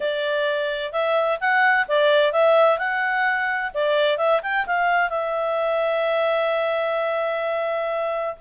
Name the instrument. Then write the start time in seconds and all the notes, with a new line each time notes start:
clarinet
0.00 D5
0.92 E5
1.40 F#5
1.88 D5
2.32 E5
2.78 F#5
3.73 D5
4.17 E5
4.42 G5
4.66 F5
5.09 E5